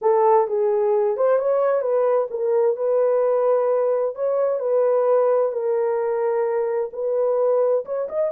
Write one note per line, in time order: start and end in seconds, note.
0.01 0.47 A4
0.47 1.16 G#4
1.16 1.38 C5
1.38 1.81 C#5
1.81 2.27 B4
2.30 2.76 A#4
2.76 4.15 B4
4.15 4.59 C#5
4.59 5.52 B4
5.52 6.90 A#4
6.92 7.85 B4
7.85 8.08 C#5
8.08 8.31 D#5